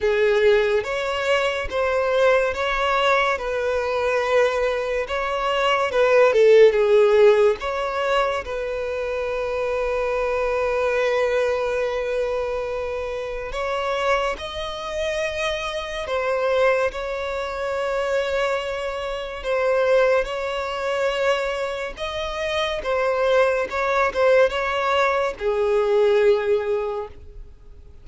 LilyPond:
\new Staff \with { instrumentName = "violin" } { \time 4/4 \tempo 4 = 71 gis'4 cis''4 c''4 cis''4 | b'2 cis''4 b'8 a'8 | gis'4 cis''4 b'2~ | b'1 |
cis''4 dis''2 c''4 | cis''2. c''4 | cis''2 dis''4 c''4 | cis''8 c''8 cis''4 gis'2 | }